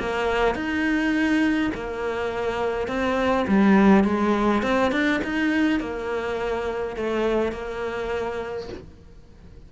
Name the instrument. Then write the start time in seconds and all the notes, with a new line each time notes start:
cello
0.00 A#3
0.55 D#4
1.75 A#3
2.88 C4
3.48 G3
4.04 G#3
4.63 C4
4.92 D4
5.25 D#4
5.81 A#3
6.97 A3
7.53 A#3